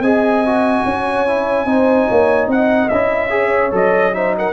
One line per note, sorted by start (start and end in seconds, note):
0.00 0.82 C4
0.00 0.45 G#4
0.00 0.85 D#5
0.00 2.49 G#5
0.46 1.27 F#4
0.85 1.65 C#4
0.85 1.67 C#5
1.27 1.66 E4
1.65 2.06 C4
1.65 2.90 D#4
1.65 2.08 C5
2.08 2.48 A#3
2.08 2.48 C#5
2.48 2.89 C4
2.48 3.30 D#5
2.48 2.89 F#5
2.89 3.72 C#4
2.89 3.30 E4
2.89 3.71 E5
3.30 3.71 G#4
3.30 4.15 C#5
3.71 4.53 F#3
3.71 4.12 A4
3.71 4.14 D#5
4.13 4.53 D#4
4.13 4.36 C5
4.13 4.35 E5
4.38 4.53 A#4
4.38 4.53 F#5